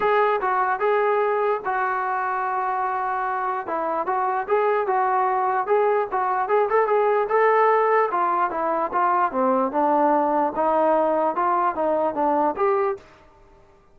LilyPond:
\new Staff \with { instrumentName = "trombone" } { \time 4/4 \tempo 4 = 148 gis'4 fis'4 gis'2 | fis'1~ | fis'4 e'4 fis'4 gis'4 | fis'2 gis'4 fis'4 |
gis'8 a'8 gis'4 a'2 | f'4 e'4 f'4 c'4 | d'2 dis'2 | f'4 dis'4 d'4 g'4 | }